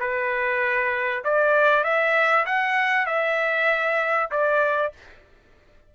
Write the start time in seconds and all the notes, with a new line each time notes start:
0.00 B4
1.24 D5
1.84 E5
2.46 F#5
3.06 E5
4.31 D5